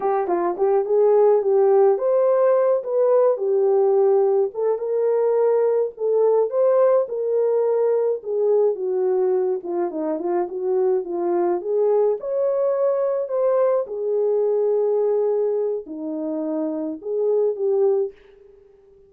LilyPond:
\new Staff \with { instrumentName = "horn" } { \time 4/4 \tempo 4 = 106 g'8 f'8 g'8 gis'4 g'4 c''8~ | c''4 b'4 g'2 | a'8 ais'2 a'4 c''8~ | c''8 ais'2 gis'4 fis'8~ |
fis'4 f'8 dis'8 f'8 fis'4 f'8~ | f'8 gis'4 cis''2 c''8~ | c''8 gis'2.~ gis'8 | dis'2 gis'4 g'4 | }